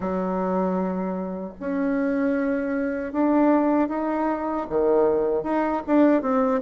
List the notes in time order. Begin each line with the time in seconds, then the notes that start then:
0.00 F#3
1.60 C#4
3.12 D4
3.88 D#4
4.69 D#3
5.43 D#4
5.87 D4
6.21 C4